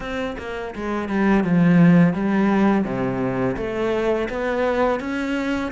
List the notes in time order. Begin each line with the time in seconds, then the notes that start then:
0.00 C4
0.38 A#3
0.75 G#3
1.08 G3
1.44 F3
2.13 G3
2.84 C3
3.56 A3
4.29 B3
5.00 C#4